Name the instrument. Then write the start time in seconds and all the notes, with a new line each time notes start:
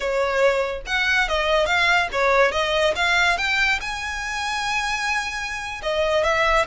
violin
0.00 C#5
0.86 F#5
1.28 D#5
1.66 F5
2.11 C#5
2.51 D#5
2.95 F5
3.37 G5
3.80 G#5
5.82 D#5
6.23 E5